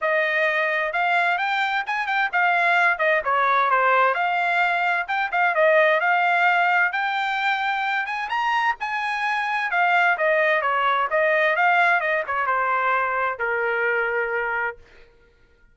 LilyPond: \new Staff \with { instrumentName = "trumpet" } { \time 4/4 \tempo 4 = 130 dis''2 f''4 g''4 | gis''8 g''8 f''4. dis''8 cis''4 | c''4 f''2 g''8 f''8 | dis''4 f''2 g''4~ |
g''4. gis''8 ais''4 gis''4~ | gis''4 f''4 dis''4 cis''4 | dis''4 f''4 dis''8 cis''8 c''4~ | c''4 ais'2. | }